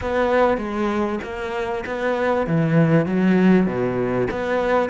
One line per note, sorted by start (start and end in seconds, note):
0.01 0.57 B3
0.57 1.19 G#3
1.23 1.84 A#3
1.85 2.46 B3
2.46 3.06 E3
3.06 3.66 F#3
3.66 4.27 B2
4.30 4.89 B3